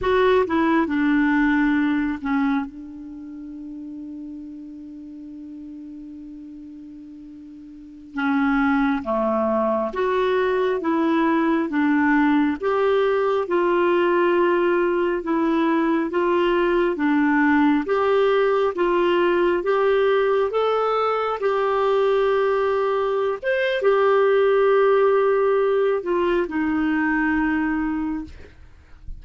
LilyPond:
\new Staff \with { instrumentName = "clarinet" } { \time 4/4 \tempo 4 = 68 fis'8 e'8 d'4. cis'8 d'4~ | d'1~ | d'4~ d'16 cis'4 a4 fis'8.~ | fis'16 e'4 d'4 g'4 f'8.~ |
f'4~ f'16 e'4 f'4 d'8.~ | d'16 g'4 f'4 g'4 a'8.~ | a'16 g'2~ g'16 c''8 g'4~ | g'4. f'8 dis'2 | }